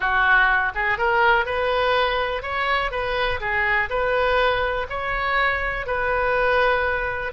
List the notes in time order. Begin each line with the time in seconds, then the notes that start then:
0.00 F#4
0.74 G#4
0.98 A#4
1.45 B4
2.42 C#5
2.91 B4
3.40 G#4
3.89 B4
4.89 C#5
5.86 B4